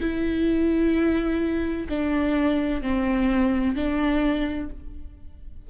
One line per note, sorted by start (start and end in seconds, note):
0.00 1.87 E4
1.89 2.82 D4
2.82 3.75 C4
3.75 4.69 D4